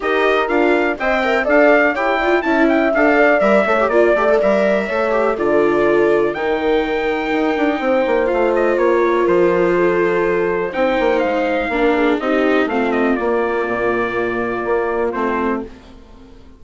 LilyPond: <<
  \new Staff \with { instrumentName = "trumpet" } { \time 4/4 \tempo 4 = 123 dis''4 f''4 g''4 f''4 | g''4 a''8 g''8 f''4 e''4 | d''4 e''2 d''4~ | d''4 g''2.~ |
g''4 f''8 dis''8 cis''4 c''4~ | c''2 g''4 f''4~ | f''4 dis''4 f''8 dis''8 d''4~ | d''2. c''4 | }
  \new Staff \with { instrumentName = "horn" } { \time 4/4 ais'2 dis''8 e''8 d''4 | cis''8 d''8 e''4. d''4 cis''8 | d''2 cis''4 a'4~ | a'4 ais'2. |
c''2~ c''8 ais'4. | a'2 c''2 | ais'8 gis'8 g'4 f'2~ | f'1 | }
  \new Staff \with { instrumentName = "viola" } { \time 4/4 g'4 f'4 c''8 ais'8 a'4 | g'8 f'8 e'4 a'4 ais'8 a'16 g'16 | f'8 g'16 a'16 ais'4 a'8 g'8 f'4~ | f'4 dis'2.~ |
dis'4 f'2.~ | f'2 dis'2 | d'4 dis'4 c'4 ais4~ | ais2. c'4 | }
  \new Staff \with { instrumentName = "bassoon" } { \time 4/4 dis'4 d'4 c'4 d'4 | e'4 cis'4 d'4 g8 a8 | ais8 a8 g4 a4 d4~ | d4 dis2 dis'8 d'8 |
c'8 ais8 a4 ais4 f4~ | f2 c'8 ais8 gis4 | ais4 c'4 a4 ais4 | ais,2 ais4 a4 | }
>>